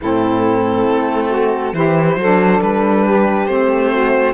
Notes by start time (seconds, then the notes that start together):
0.00 A2 C4 E4 A4
0.88 A3
1.29 F#4
1.73 E3 E4 G4 C5
2.16 F#3 D4 A4
2.61 G3 B4
3.06 G4
3.46 A3 C4 C5
3.92 F#4